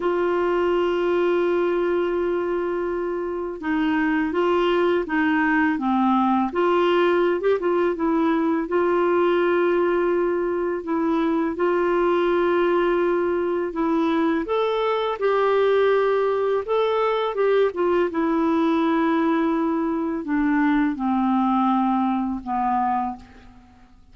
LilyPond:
\new Staff \with { instrumentName = "clarinet" } { \time 4/4 \tempo 4 = 83 f'1~ | f'4 dis'4 f'4 dis'4 | c'4 f'4~ f'16 g'16 f'8 e'4 | f'2. e'4 |
f'2. e'4 | a'4 g'2 a'4 | g'8 f'8 e'2. | d'4 c'2 b4 | }